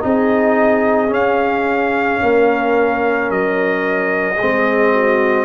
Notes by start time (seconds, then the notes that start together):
0.00 C4 D#4 G#4 D#5
1.08 C#4 F5
2.22 A#3 A#4
3.31 F#3 D#5
4.37 G#3 C4 G#4
4.93 F#4